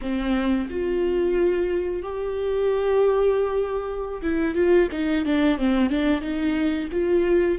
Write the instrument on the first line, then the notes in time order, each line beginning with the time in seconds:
viola
0.01 C4
0.70 F4
2.02 G4
4.21 E4
4.54 F4
4.91 D#4
5.25 D4
5.58 C4
5.89 D4
6.21 D#4
6.91 F4